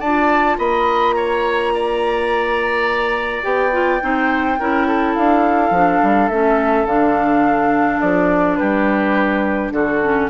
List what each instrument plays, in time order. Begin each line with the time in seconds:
0.00 bassoon D4, clarinet F4, oboe D5, flute A5
0.58 bassoon A#3, oboe D#5, flute B5
1.14 oboe C#5, flute A#5
1.74 oboe D5
3.43 bassoon B3, clarinet G4, flute G5
3.72 clarinet F4
4.01 bassoon C4, clarinet D#4, oboe C5
4.59 bassoon C#4, clarinet E4, oboe A#4
4.87 oboe A4
5.15 bassoon D4, flute F5
5.71 bassoon F3, clarinet D4
6.03 bassoon G3
6.29 bassoon A3, clarinet C#4, flute E5
6.85 bassoon D3, clarinet D4, flute F5
8.01 bassoon F3, flute D5
8.56 bassoon G3, oboe G4, flute B4
9.72 bassoon D3, oboe F#4, flute A4
10.03 clarinet C#4